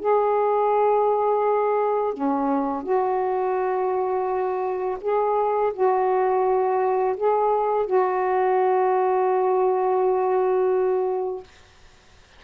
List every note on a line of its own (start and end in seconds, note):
0.00 2.14 G#4
2.14 2.83 C#4
2.83 4.98 F#4
5.02 5.73 G#4
5.74 7.17 F#4
7.17 7.86 G#4
7.86 11.44 F#4